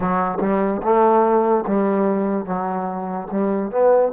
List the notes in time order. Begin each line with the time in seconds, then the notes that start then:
0.00 F#3
0.40 G3
0.82 A3
1.67 G3
2.45 F#3
3.31 G3
3.71 B3